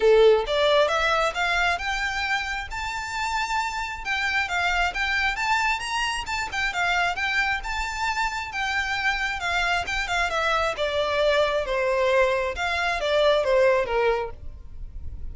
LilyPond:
\new Staff \with { instrumentName = "violin" } { \time 4/4 \tempo 4 = 134 a'4 d''4 e''4 f''4 | g''2 a''2~ | a''4 g''4 f''4 g''4 | a''4 ais''4 a''8 g''8 f''4 |
g''4 a''2 g''4~ | g''4 f''4 g''8 f''8 e''4 | d''2 c''2 | f''4 d''4 c''4 ais'4 | }